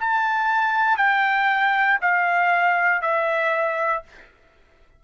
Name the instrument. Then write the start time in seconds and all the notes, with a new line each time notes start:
trumpet
0.00 A5
0.97 G5
2.01 F5
3.01 E5